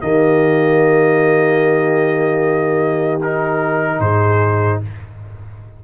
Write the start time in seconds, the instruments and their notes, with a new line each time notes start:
0.00 tuba D#3, trombone A#3, horn G4, trumpet D#5
3.22 trombone D#4, trumpet A#4
4.00 tuba G#2, horn G#4, trumpet C5